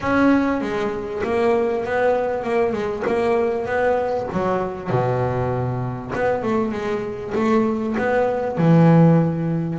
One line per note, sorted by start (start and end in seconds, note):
0.01 0.61 C#4
0.61 1.22 G#3
1.23 1.85 A#3
1.85 2.43 B3
2.43 2.72 A#3
2.72 3.03 G#3
3.06 3.66 A#3
3.66 4.27 B3
4.32 4.90 F#3
4.90 6.12 B2
6.14 6.43 B3
6.43 6.72 A3
6.72 7.33 G#3
7.35 7.96 A3
7.97 8.57 B3
8.57 9.78 E3